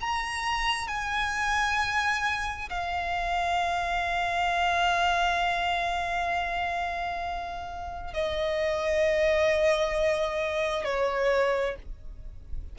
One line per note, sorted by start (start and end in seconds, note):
0.00 0.87 A#5
0.87 2.69 G#5
2.69 8.14 F5
8.14 10.84 D#5
10.84 11.75 C#5